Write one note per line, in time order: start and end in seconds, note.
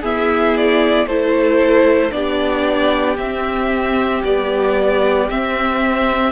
0.00 1.08 B3
0.00 1.05 E4
0.00 1.05 G#4
0.00 0.56 E5
0.56 1.06 D5
1.05 2.10 A3
1.05 2.11 E4
1.05 2.12 A4
1.05 2.11 C5
2.11 3.17 B3
2.11 3.16 D4
2.11 6.31 G4
2.11 3.17 D5
3.17 4.22 C4
3.17 4.25 C4
3.17 4.22 E5
4.24 5.29 G3
4.24 5.29 B3
4.24 5.29 D5
5.29 6.31 C4
5.29 6.31 E5